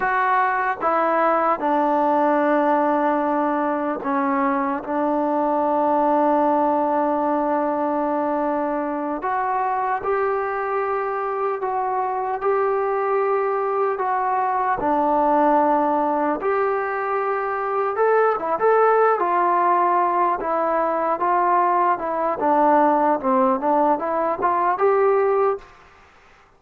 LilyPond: \new Staff \with { instrumentName = "trombone" } { \time 4/4 \tempo 4 = 75 fis'4 e'4 d'2~ | d'4 cis'4 d'2~ | d'2.~ d'8 fis'8~ | fis'8 g'2 fis'4 g'8~ |
g'4. fis'4 d'4.~ | d'8 g'2 a'8 e'16 a'8. | f'4. e'4 f'4 e'8 | d'4 c'8 d'8 e'8 f'8 g'4 | }